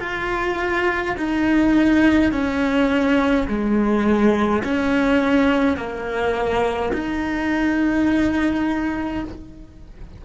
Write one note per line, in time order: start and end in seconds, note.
0.00 1.15 F4
1.17 2.32 D#4
2.32 3.47 C#4
3.48 4.63 G#3
4.64 5.77 C#4
5.77 6.92 A#3
6.93 9.24 D#4